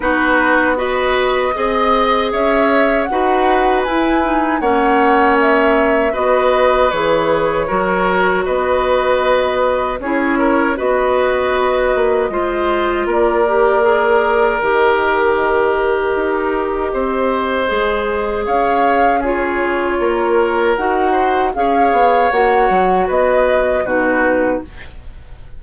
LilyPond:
<<
  \new Staff \with { instrumentName = "flute" } { \time 4/4 \tempo 4 = 78 b'4 dis''2 e''4 | fis''4 gis''4 fis''4 e''4 | dis''4 cis''2 dis''4~ | dis''4 cis''4 dis''2~ |
dis''4 d''2 dis''4~ | dis''1 | f''4 cis''2 fis''4 | f''4 fis''4 dis''4 b'4 | }
  \new Staff \with { instrumentName = "oboe" } { \time 4/4 fis'4 b'4 dis''4 cis''4 | b'2 cis''2 | b'2 ais'4 b'4~ | b'4 gis'8 ais'8 b'2 |
c''4 ais'2.~ | ais'2 c''2 | cis''4 gis'4 ais'4. c''8 | cis''2 b'4 fis'4 | }
  \new Staff \with { instrumentName = "clarinet" } { \time 4/4 dis'4 fis'4 gis'2 | fis'4 e'8 dis'8 cis'2 | fis'4 gis'4 fis'2~ | fis'4 e'4 fis'2 |
f'4. g'8 gis'4 g'4~ | g'2. gis'4~ | gis'4 f'2 fis'4 | gis'4 fis'2 dis'4 | }
  \new Staff \with { instrumentName = "bassoon" } { \time 4/4 b2 c'4 cis'4 | dis'4 e'4 ais2 | b4 e4 fis4 b4~ | b4 cis'4 b4. ais8 |
gis4 ais2 dis4~ | dis4 dis'4 c'4 gis4 | cis'2 ais4 dis'4 | cis'8 b8 ais8 fis8 b4 b,4 | }
>>